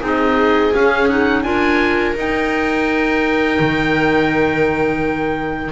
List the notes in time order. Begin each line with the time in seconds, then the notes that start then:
0.00 C4 D#4 G#4
0.07 D#5
0.74 C#4 F5
1.09 D#4 F#5
1.43 D4 F4 A#4 G#5
2.15 D#4 G5
3.60 D#3